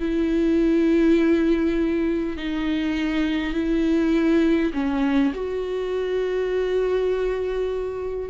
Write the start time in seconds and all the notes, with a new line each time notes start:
0.00 E4
2.37 D#4
3.53 E4
4.74 C#4
5.34 F#4